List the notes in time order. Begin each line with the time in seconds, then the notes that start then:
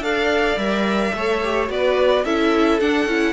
0.00 D4 A4 D5 F5
0.57 G3 A#4 E5
1.14 A3 A4 C#5
1.44 G4
1.68 B3 F#4 B4 D5
2.25 C#4 E4 A4 E5
2.80 D4 F#5
3.06 C#4 E4